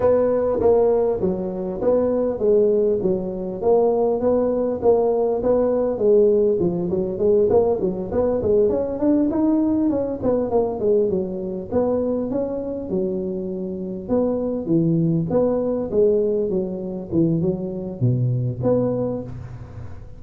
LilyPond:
\new Staff \with { instrumentName = "tuba" } { \time 4/4 \tempo 4 = 100 b4 ais4 fis4 b4 | gis4 fis4 ais4 b4 | ais4 b4 gis4 f8 fis8 | gis8 ais8 fis8 b8 gis8 cis'8 d'8 dis'8~ |
dis'8 cis'8 b8 ais8 gis8 fis4 b8~ | b8 cis'4 fis2 b8~ | b8 e4 b4 gis4 fis8~ | fis8 e8 fis4 b,4 b4 | }